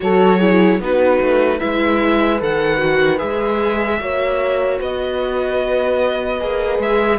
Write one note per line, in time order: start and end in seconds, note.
0.00 0.79 F#3
0.00 0.40 F#4
0.00 0.38 A4
0.00 0.80 C#5
0.38 0.80 E4
0.38 0.78 G#4
0.79 1.19 B3
0.79 1.59 D#4
0.79 1.58 F#4
0.79 1.59 B4
1.20 1.60 A3
1.58 2.41 G#3
1.58 2.39 E4
1.58 3.98 B4
1.58 2.39 E5
2.39 3.21 D#3
2.39 2.77 A4
2.39 3.18 F#5
2.77 3.17 F#4
3.17 4.00 G#3
3.17 3.97 G#4
3.17 4.78 E5
3.99 4.80 A#3
3.99 6.39 F#4
3.99 4.79 C#5
4.79 6.41 B3
4.79 7.18 B4
4.79 6.81 D#5
6.39 6.79 A#3
6.39 7.18 G#4
6.79 7.18 G#3
6.79 7.18 E5